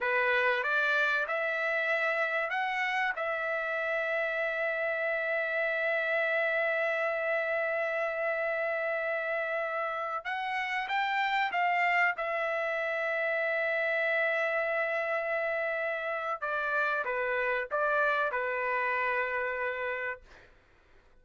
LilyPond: \new Staff \with { instrumentName = "trumpet" } { \time 4/4 \tempo 4 = 95 b'4 d''4 e''2 | fis''4 e''2.~ | e''1~ | e''1~ |
e''16 fis''4 g''4 f''4 e''8.~ | e''1~ | e''2 d''4 b'4 | d''4 b'2. | }